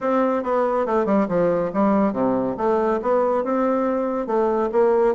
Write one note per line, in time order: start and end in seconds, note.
0.00 0.43 C4
0.43 0.86 B3
0.86 1.05 A3
1.05 1.27 G3
1.28 1.71 F3
1.73 2.13 G3
2.13 2.55 C3
2.57 3.00 A3
3.01 3.43 B3
3.43 4.26 C4
4.26 4.69 A3
4.72 5.14 A#3